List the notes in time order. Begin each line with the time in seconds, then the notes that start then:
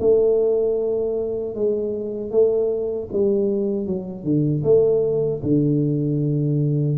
0.00 A3
1.55 G#3
2.31 A3
3.13 G3
3.87 F#3
4.24 D3
4.64 A3
5.43 D3